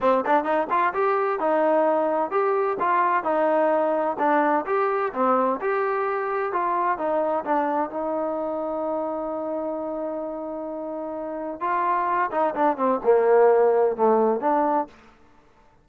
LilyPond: \new Staff \with { instrumentName = "trombone" } { \time 4/4 \tempo 4 = 129 c'8 d'8 dis'8 f'8 g'4 dis'4~ | dis'4 g'4 f'4 dis'4~ | dis'4 d'4 g'4 c'4 | g'2 f'4 dis'4 |
d'4 dis'2.~ | dis'1~ | dis'4 f'4. dis'8 d'8 c'8 | ais2 a4 d'4 | }